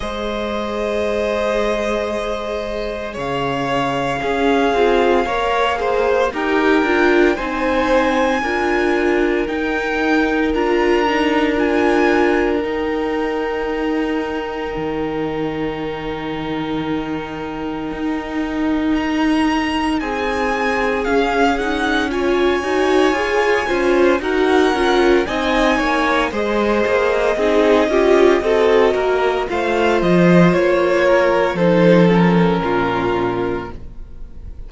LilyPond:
<<
  \new Staff \with { instrumentName = "violin" } { \time 4/4 \tempo 4 = 57 dis''2. f''4~ | f''2 g''4 gis''4~ | gis''4 g''4 ais''4 gis''4 | g''1~ |
g''2 ais''4 gis''4 | f''8 fis''8 gis''2 fis''4 | gis''4 dis''2. | f''8 dis''8 cis''4 c''8 ais'4. | }
  \new Staff \with { instrumentName = "violin" } { \time 4/4 c''2. cis''4 | gis'4 cis''8 c''8 ais'4 c''4 | ais'1~ | ais'1~ |
ais'2. gis'4~ | gis'4 cis''4. c''8 ais'4 | dis''8 cis''8 c''4 gis'8 g'8 a'8 ais'8 | c''4. ais'8 a'4 f'4 | }
  \new Staff \with { instrumentName = "viola" } { \time 4/4 gis'1 | cis'8 f'8 ais'8 gis'8 g'8 f'8 dis'4 | f'4 dis'4 f'8 dis'8 f'4 | dis'1~ |
dis'1 | cis'8 dis'8 f'8 fis'8 gis'8 f'8 fis'8 f'8 | dis'4 gis'4 dis'8 f'8 fis'4 | f'2 dis'8 cis'4. | }
  \new Staff \with { instrumentName = "cello" } { \time 4/4 gis2. cis4 | cis'8 c'8 ais4 dis'8 d'8 c'4 | d'4 dis'4 d'2 | dis'2 dis2~ |
dis4 dis'2 c'4 | cis'4. dis'8 f'8 cis'8 dis'8 cis'8 | c'8 ais8 gis8 ais8 c'8 cis'8 c'8 ais8 | a8 f8 ais4 f4 ais,4 | }
>>